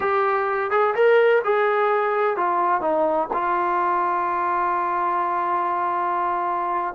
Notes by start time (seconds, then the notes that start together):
0.00 G4
0.70 G#4
0.94 A#4
1.44 G#4
2.36 F4
2.81 D#4
3.33 F4